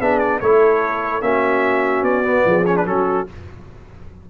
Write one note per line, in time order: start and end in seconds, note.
0.00 0.41 B3
0.00 0.42 D4
0.00 0.41 G#4
0.00 0.19 E5
0.19 0.39 D5
0.40 1.22 A3
0.40 1.22 E4
0.40 1.24 A4
0.40 1.22 C#5
1.22 2.03 A#3
1.22 2.24 C#4
1.22 2.47 F#4
1.22 2.04 E5
2.03 2.43 B3
2.03 2.65 D5
2.24 2.65 B3
2.46 2.86 F3
2.46 2.88 G#4
2.66 2.76 C#4
2.66 2.76 C#5
2.76 2.86 D4
2.76 2.86 B4
2.86 3.27 F#3
2.86 3.27 C#4
2.86 3.30 F#4
2.86 3.27 A4